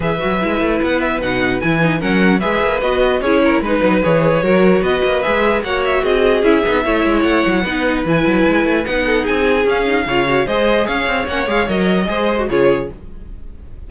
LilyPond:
<<
  \new Staff \with { instrumentName = "violin" } { \time 4/4 \tempo 4 = 149 e''2 fis''8 e''8 fis''4 | gis''4 fis''4 e''4 dis''4 | cis''4 b'4 cis''2 | dis''4 e''4 fis''8 e''8 dis''4 |
e''2 fis''2 | gis''2 fis''4 gis''4 | f''2 dis''4 f''4 | fis''8 f''8 dis''2 cis''4 | }
  \new Staff \with { instrumentName = "violin" } { \time 4/4 b'1~ | b'4 ais'4 b'2 | gis'8 ais'8 b'2 ais'4 | b'2 cis''4 gis'4~ |
gis'4 cis''2 b'4~ | b'2~ b'8 a'8 gis'4~ | gis'4 cis''4 c''4 cis''4~ | cis''2 c''4 gis'4 | }
  \new Staff \with { instrumentName = "viola" } { \time 4/4 gis'8 fis'8 e'2 dis'4 | e'8 dis'8 cis'4 gis'4 fis'4 | e'4 dis'4 gis'4 fis'4~ | fis'4 gis'4 fis'2 |
e'8 dis'8 e'2 dis'4 | e'2 dis'2 | cis'8 dis'8 f'8 fis'8 gis'2 | cis'8 gis'8 ais'4 gis'8. fis'16 f'4 | }
  \new Staff \with { instrumentName = "cello" } { \time 4/4 e8 fis8 gis8 a8 b4 b,4 | e4 fis4 gis8 ais8 b4 | cis'4 gis8 fis8 e4 fis4 | b8 ais8 gis4 ais4 c'4 |
cis'8 b8 a8 gis8 a8 fis8 b4 | e8 fis8 gis8 a8 b4 c'4 | cis'4 cis4 gis4 cis'8 c'8 | ais8 gis8 fis4 gis4 cis4 | }
>>